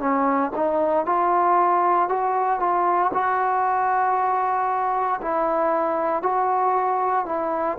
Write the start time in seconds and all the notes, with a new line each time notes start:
0.00 C#4
0.56 D#4
1.06 F4
2.09 F#4
2.60 F4
3.14 F#4
5.22 E4
6.23 F#4
7.26 E4